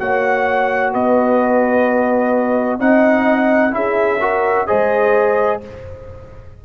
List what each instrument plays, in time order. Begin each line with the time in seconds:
0.00 tuba A#3, trombone F#4, horn C#5, trumpet F#5
0.93 tuba B3, horn B4, trumpet D#5
2.79 tuba C4, trombone D#4, horn D#5, trumpet F#5
3.71 tuba C#4, trombone E4, horn G#4, trumpet E5
4.21 trombone F#4, horn A#4
4.67 tuba G#3, trombone G#4, horn C5, trumpet D#5